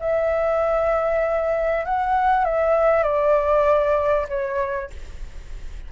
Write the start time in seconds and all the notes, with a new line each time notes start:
0.00 E5
1.85 F#5
2.45 E5
3.03 D5
4.28 C#5